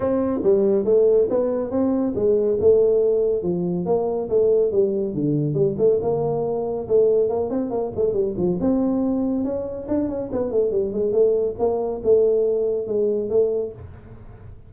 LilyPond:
\new Staff \with { instrumentName = "tuba" } { \time 4/4 \tempo 4 = 140 c'4 g4 a4 b4 | c'4 gis4 a2 | f4 ais4 a4 g4 | d4 g8 a8 ais2 |
a4 ais8 c'8 ais8 a8 g8 f8 | c'2 cis'4 d'8 cis'8 | b8 a8 g8 gis8 a4 ais4 | a2 gis4 a4 | }